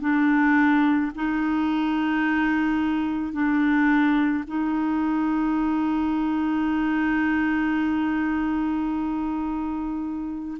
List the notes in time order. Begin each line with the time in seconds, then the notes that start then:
0.00 D4
1.15 D#4
3.32 D4
4.47 D#4